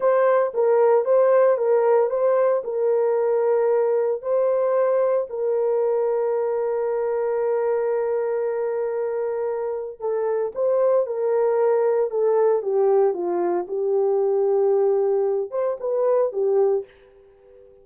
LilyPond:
\new Staff \with { instrumentName = "horn" } { \time 4/4 \tempo 4 = 114 c''4 ais'4 c''4 ais'4 | c''4 ais'2. | c''2 ais'2~ | ais'1~ |
ais'2. a'4 | c''4 ais'2 a'4 | g'4 f'4 g'2~ | g'4. c''8 b'4 g'4 | }